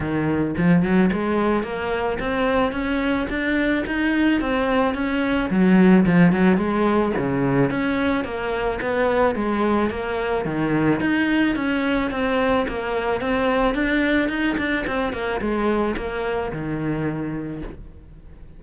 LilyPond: \new Staff \with { instrumentName = "cello" } { \time 4/4 \tempo 4 = 109 dis4 f8 fis8 gis4 ais4 | c'4 cis'4 d'4 dis'4 | c'4 cis'4 fis4 f8 fis8 | gis4 cis4 cis'4 ais4 |
b4 gis4 ais4 dis4 | dis'4 cis'4 c'4 ais4 | c'4 d'4 dis'8 d'8 c'8 ais8 | gis4 ais4 dis2 | }